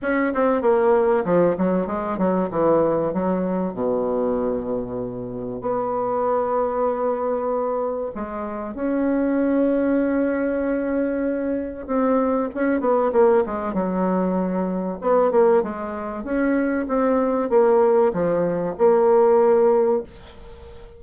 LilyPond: \new Staff \with { instrumentName = "bassoon" } { \time 4/4 \tempo 4 = 96 cis'8 c'8 ais4 f8 fis8 gis8 fis8 | e4 fis4 b,2~ | b,4 b2.~ | b4 gis4 cis'2~ |
cis'2. c'4 | cis'8 b8 ais8 gis8 fis2 | b8 ais8 gis4 cis'4 c'4 | ais4 f4 ais2 | }